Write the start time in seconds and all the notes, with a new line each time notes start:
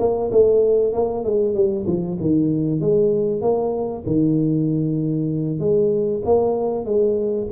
0.00 A#3
0.32 A3
0.93 A#3
1.24 G#3
1.55 G3
1.87 F3
2.21 D#3
2.81 G#3
3.42 A#3
4.07 D#3
5.60 G#3
6.26 A#3
6.86 G#3